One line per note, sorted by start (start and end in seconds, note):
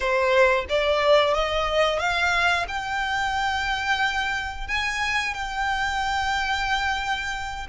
0.00 0.65 C5
0.69 1.34 D5
1.34 1.99 D#5
1.99 2.65 F5
2.68 4.67 G5
4.67 5.33 G#5
5.33 7.67 G5